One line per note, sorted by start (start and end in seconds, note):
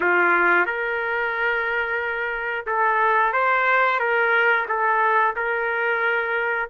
0.00 0.65 F4
0.65 2.65 A#4
2.66 3.32 A4
3.32 3.99 C5
3.99 4.66 A#4
4.68 5.35 A4
5.36 6.69 A#4